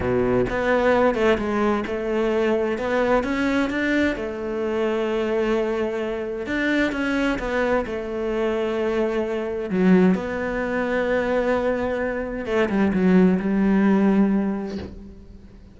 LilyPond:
\new Staff \with { instrumentName = "cello" } { \time 4/4 \tempo 4 = 130 b,4 b4. a8 gis4 | a2 b4 cis'4 | d'4 a2.~ | a2 d'4 cis'4 |
b4 a2.~ | a4 fis4 b2~ | b2. a8 g8 | fis4 g2. | }